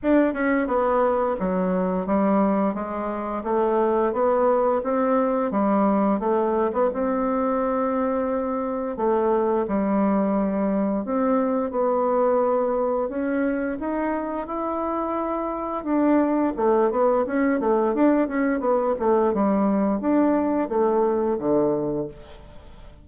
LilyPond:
\new Staff \with { instrumentName = "bassoon" } { \time 4/4 \tempo 4 = 87 d'8 cis'8 b4 fis4 g4 | gis4 a4 b4 c'4 | g4 a8. b16 c'2~ | c'4 a4 g2 |
c'4 b2 cis'4 | dis'4 e'2 d'4 | a8 b8 cis'8 a8 d'8 cis'8 b8 a8 | g4 d'4 a4 d4 | }